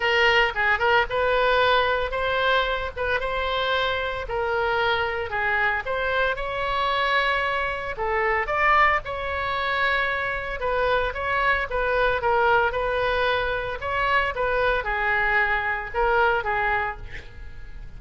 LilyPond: \new Staff \with { instrumentName = "oboe" } { \time 4/4 \tempo 4 = 113 ais'4 gis'8 ais'8 b'2 | c''4. b'8 c''2 | ais'2 gis'4 c''4 | cis''2. a'4 |
d''4 cis''2. | b'4 cis''4 b'4 ais'4 | b'2 cis''4 b'4 | gis'2 ais'4 gis'4 | }